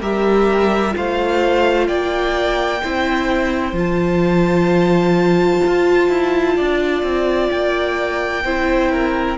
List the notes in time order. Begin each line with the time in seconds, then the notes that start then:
0.00 G3 G4 A#4 E5
0.91 F4 C5 F5
0.97 A3
1.87 A#3 D5 G5
2.82 C4 E4 C5
3.72 F3 F4
3.78 A5
5.67 F4
6.08 E4
6.56 D4 D5
7.02 C4
7.50 A#3 G5
8.44 C4 E4 C5
8.91 A#4